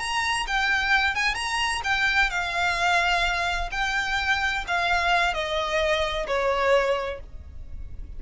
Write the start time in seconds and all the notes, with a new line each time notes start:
0.00 A#5
0.47 G5
1.16 G#5
1.35 A#5
1.84 G5
2.31 F5
3.72 G5
4.68 F5
5.34 D#5
6.27 C#5